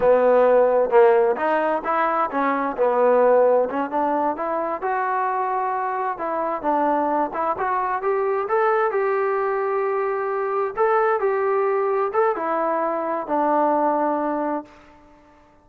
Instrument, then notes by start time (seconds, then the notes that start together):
trombone
0.00 B3
0.90 A#3
1.36 D#4
1.84 E4
2.30 C#4
2.77 B3
3.69 C#4
3.90 D4
4.36 E4
4.81 F#4
6.17 E4
6.62 D4
7.33 E4
7.58 F#4
8.02 G4
8.48 A4
8.91 G4
10.76 A4
11.20 G4
12.13 A4
12.35 E4
13.27 D4